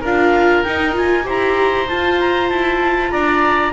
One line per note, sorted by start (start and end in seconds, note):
0.00 0.65 D4
0.00 0.65 F4
0.00 1.24 A#4
0.00 0.63 F5
0.63 0.93 D#4
0.63 1.27 D#4
0.63 0.94 G5
0.93 1.23 F4
0.93 1.28 G#5
1.23 1.88 E4
1.23 1.85 G4
1.23 3.11 C5
1.23 1.88 A#5
1.88 3.72 F4
1.88 2.49 F4
1.88 2.19 A5
2.19 2.49 A#5
2.49 3.11 E4
2.49 3.10 A5
3.10 3.72 D4
3.10 3.72 D5
3.10 3.72 A#5